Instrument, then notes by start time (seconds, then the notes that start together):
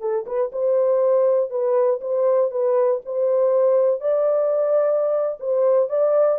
horn
0.00 A4
0.26 B4
0.52 C5
1.50 B4
2.01 C5
2.51 B4
3.05 C5
4.00 D5
5.40 C5
5.89 D5